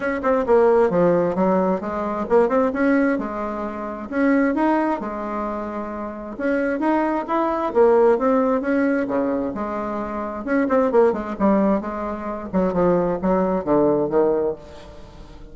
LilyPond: \new Staff \with { instrumentName = "bassoon" } { \time 4/4 \tempo 4 = 132 cis'8 c'8 ais4 f4 fis4 | gis4 ais8 c'8 cis'4 gis4~ | gis4 cis'4 dis'4 gis4~ | gis2 cis'4 dis'4 |
e'4 ais4 c'4 cis'4 | cis4 gis2 cis'8 c'8 | ais8 gis8 g4 gis4. fis8 | f4 fis4 d4 dis4 | }